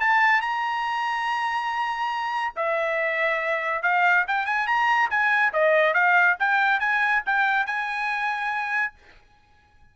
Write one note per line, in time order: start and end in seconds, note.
0.00 0.41 A5
0.41 2.54 A#5
2.56 3.83 E5
3.83 4.25 F5
4.27 4.46 G5
4.46 4.67 G#5
4.67 5.09 A#5
5.10 5.53 G#5
5.53 5.94 D#5
5.94 6.37 F5
6.39 6.79 G5
6.79 7.22 G#5
7.26 7.66 G5
7.66 8.94 G#5